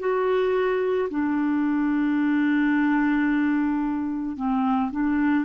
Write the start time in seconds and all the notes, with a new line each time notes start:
0.00 F#4
1.10 D4
4.37 C4
4.91 D4